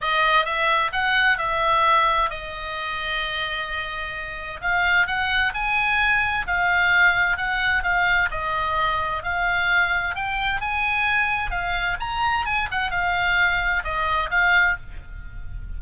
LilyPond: \new Staff \with { instrumentName = "oboe" } { \time 4/4 \tempo 4 = 130 dis''4 e''4 fis''4 e''4~ | e''4 dis''2.~ | dis''2 f''4 fis''4 | gis''2 f''2 |
fis''4 f''4 dis''2 | f''2 g''4 gis''4~ | gis''4 f''4 ais''4 gis''8 fis''8 | f''2 dis''4 f''4 | }